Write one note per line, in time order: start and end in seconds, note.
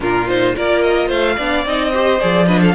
0.00 0.54 A#2
0.00 0.26 D4
0.00 0.56 F4
0.00 0.28 A#4
0.28 0.55 D#4
0.28 0.55 C5
0.55 1.10 A#3
0.55 1.37 F4
0.55 1.07 A#4
0.55 0.81 D5
0.81 1.09 D#5
1.07 1.37 A3
1.07 1.34 C5
1.07 1.65 F5
1.36 1.65 B3
1.36 1.66 D4
1.36 1.90 D5
1.65 2.20 C4
1.65 1.92 D#4
1.65 2.20 D#5
1.90 2.20 G4
1.90 2.45 C5
2.20 2.75 F3
2.20 2.48 G#4
2.20 2.47 D5
2.46 2.75 D4
2.46 2.59 B4
2.46 2.61 D#5
2.61 2.75 A4
2.61 2.75 F5